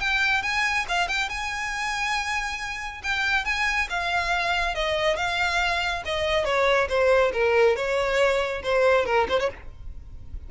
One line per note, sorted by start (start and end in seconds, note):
0.00 0.42 G5
0.42 0.86 G#5
0.88 1.08 F5
1.08 1.29 G5
1.29 3.02 G#5
3.03 3.45 G5
3.45 3.88 G#5
3.90 4.75 F5
4.75 5.16 D#5
5.16 6.03 F5
6.05 6.45 D#5
6.45 6.88 C#5
6.89 7.32 C5
7.33 7.76 A#4
7.76 8.62 C#5
8.63 9.05 C5
9.05 9.27 A#4
9.29 9.39 C5
9.39 9.50 C#5